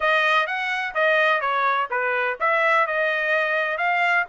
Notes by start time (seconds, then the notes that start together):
0.00 D#5
0.46 F#5
0.94 D#5
1.40 C#5
1.90 B4
2.39 E5
2.86 D#5
3.77 F5